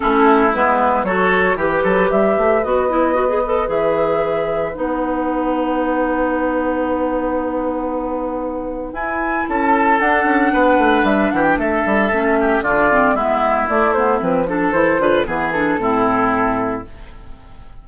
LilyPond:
<<
  \new Staff \with { instrumentName = "flute" } { \time 4/4 \tempo 4 = 114 a'4 b'4 cis''4 b'4 | e''4 dis''2 e''4~ | e''4 fis''2.~ | fis''1~ |
fis''4 gis''4 a''4 fis''4~ | fis''4 e''8 fis''16 g''16 e''2 | d''4 e''4 d''8 c''8 b'8 a'8 | c''4 b'8 a'2~ a'8 | }
  \new Staff \with { instrumentName = "oboe" } { \time 4/4 e'2 a'4 g'8 a'8 | b'1~ | b'1~ | b'1~ |
b'2 a'2 | b'4. g'8 a'4. g'8 | f'4 e'2~ e'8 a'8~ | a'8 b'8 gis'4 e'2 | }
  \new Staff \with { instrumentName = "clarinet" } { \time 4/4 cis'4 b4 fis'4 g'4~ | g'4 fis'8 e'8 fis'16 gis'16 a'8 gis'4~ | gis'4 dis'2.~ | dis'1~ |
dis'4 e'2 d'4~ | d'2. cis'4 | d'8 c'8 b4 a8 b8 c'8 d'8 | e'8 f'8 b8 d'8 c'2 | }
  \new Staff \with { instrumentName = "bassoon" } { \time 4/4 a4 gis4 fis4 e8 fis8 | g8 a8 b2 e4~ | e4 b2.~ | b1~ |
b4 e'4 cis'4 d'8 cis'8 | b8 a8 g8 e8 a8 g8 a4 | d4 gis4 a4 f4 | e8 d8 e4 a,2 | }
>>